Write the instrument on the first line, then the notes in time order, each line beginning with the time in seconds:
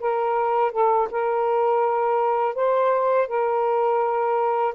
saxophone
0.00 A#4
0.72 A4
1.11 A#4
2.55 C5
3.28 A#4